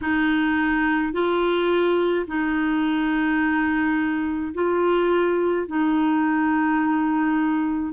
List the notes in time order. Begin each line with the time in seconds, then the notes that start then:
0.01 D#4
1.13 F4
2.27 D#4
4.53 F4
5.67 D#4